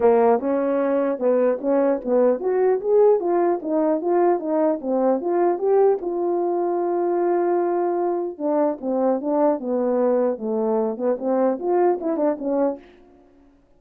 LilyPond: \new Staff \with { instrumentName = "horn" } { \time 4/4 \tempo 4 = 150 ais4 cis'2 b4 | cis'4 b4 fis'4 gis'4 | f'4 dis'4 f'4 dis'4 | c'4 f'4 g'4 f'4~ |
f'1~ | f'4 d'4 c'4 d'4 | b2 a4. b8 | c'4 f'4 e'8 d'8 cis'4 | }